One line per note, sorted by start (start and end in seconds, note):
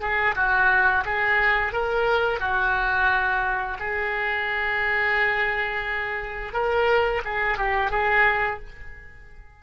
0.00 0.34 G#4
0.35 1.04 F#4
1.05 1.72 G#4
1.72 2.39 A#4
2.39 3.77 F#4
3.79 6.53 G#4
6.53 7.22 A#4
7.24 7.58 G#4
7.58 7.90 G4
7.90 8.59 G#4